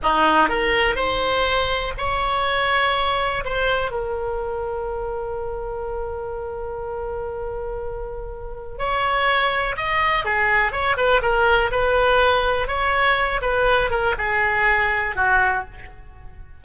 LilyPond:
\new Staff \with { instrumentName = "oboe" } { \time 4/4 \tempo 4 = 123 dis'4 ais'4 c''2 | cis''2. c''4 | ais'1~ | ais'1~ |
ais'2 cis''2 | dis''4 gis'4 cis''8 b'8 ais'4 | b'2 cis''4. b'8~ | b'8 ais'8 gis'2 fis'4 | }